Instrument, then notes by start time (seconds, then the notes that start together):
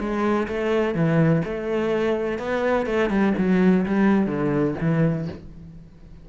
cello
0.00 G#3
0.48 A3
0.95 E3
1.45 A3
2.39 B3
2.87 A3
3.10 G3
3.38 F#3
3.86 G3
4.27 D3
4.81 E3